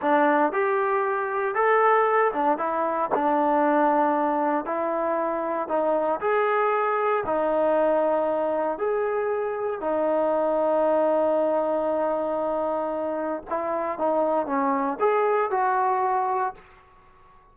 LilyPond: \new Staff \with { instrumentName = "trombone" } { \time 4/4 \tempo 4 = 116 d'4 g'2 a'4~ | a'8 d'8 e'4 d'2~ | d'4 e'2 dis'4 | gis'2 dis'2~ |
dis'4 gis'2 dis'4~ | dis'1~ | dis'2 e'4 dis'4 | cis'4 gis'4 fis'2 | }